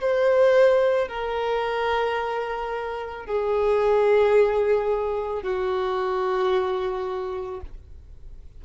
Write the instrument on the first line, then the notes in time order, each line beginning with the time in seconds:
violin
0.00 C5
1.08 A#4
3.26 G#4
5.42 F#4